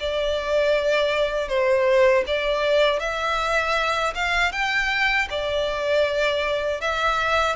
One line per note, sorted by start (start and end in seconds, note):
0.00 1.48 D5
1.48 2.24 C5
2.27 3.00 D5
3.00 4.14 E5
4.15 4.52 F5
4.52 5.28 G5
5.30 6.81 D5
6.81 7.56 E5